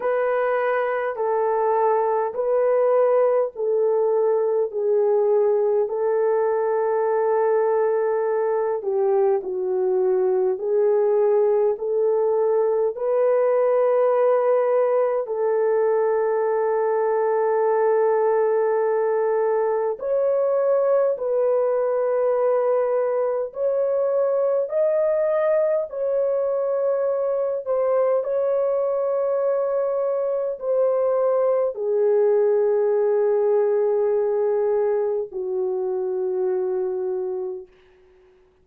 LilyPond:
\new Staff \with { instrumentName = "horn" } { \time 4/4 \tempo 4 = 51 b'4 a'4 b'4 a'4 | gis'4 a'2~ a'8 g'8 | fis'4 gis'4 a'4 b'4~ | b'4 a'2.~ |
a'4 cis''4 b'2 | cis''4 dis''4 cis''4. c''8 | cis''2 c''4 gis'4~ | gis'2 fis'2 | }